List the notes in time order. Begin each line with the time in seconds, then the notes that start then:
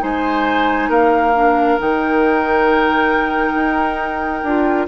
0.00 G#3 D#4 C5 G#5
0.90 A#3 A#4 F5
1.35 D4
1.79 D#3 D#4 G5
3.55 D#4
4.43 D4 F4